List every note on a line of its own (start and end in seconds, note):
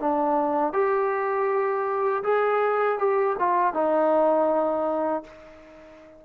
0.00 0.73 D4
0.73 2.23 G4
2.24 2.99 G#4
2.99 3.36 G4
3.39 3.74 F4
3.74 5.24 D#4